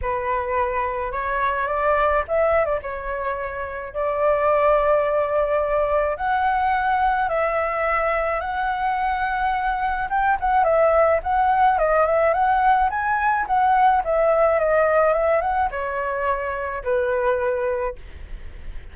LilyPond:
\new Staff \with { instrumentName = "flute" } { \time 4/4 \tempo 4 = 107 b'2 cis''4 d''4 | e''8. d''16 cis''2 d''4~ | d''2. fis''4~ | fis''4 e''2 fis''4~ |
fis''2 g''8 fis''8 e''4 | fis''4 dis''8 e''8 fis''4 gis''4 | fis''4 e''4 dis''4 e''8 fis''8 | cis''2 b'2 | }